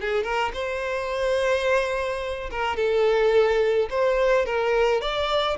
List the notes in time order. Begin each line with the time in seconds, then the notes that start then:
0.00 G#4
0.23 A#4
0.54 C5
2.51 A#4
2.76 A4
3.90 C5
4.46 A#4
5.01 D5